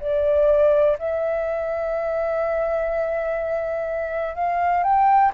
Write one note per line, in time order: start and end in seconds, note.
0.00 0.97 D5
0.98 4.35 E5
4.35 4.83 F5
4.83 5.32 G5